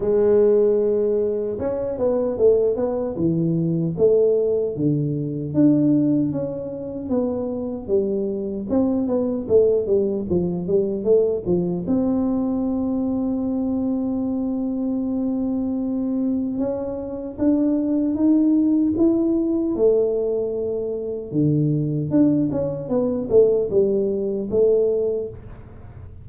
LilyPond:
\new Staff \with { instrumentName = "tuba" } { \time 4/4 \tempo 4 = 76 gis2 cis'8 b8 a8 b8 | e4 a4 d4 d'4 | cis'4 b4 g4 c'8 b8 | a8 g8 f8 g8 a8 f8 c'4~ |
c'1~ | c'4 cis'4 d'4 dis'4 | e'4 a2 d4 | d'8 cis'8 b8 a8 g4 a4 | }